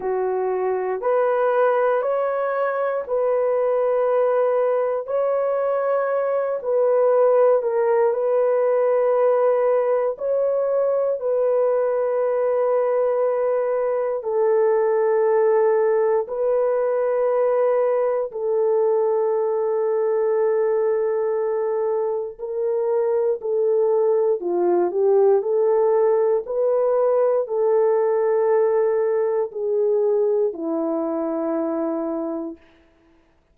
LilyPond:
\new Staff \with { instrumentName = "horn" } { \time 4/4 \tempo 4 = 59 fis'4 b'4 cis''4 b'4~ | b'4 cis''4. b'4 ais'8 | b'2 cis''4 b'4~ | b'2 a'2 |
b'2 a'2~ | a'2 ais'4 a'4 | f'8 g'8 a'4 b'4 a'4~ | a'4 gis'4 e'2 | }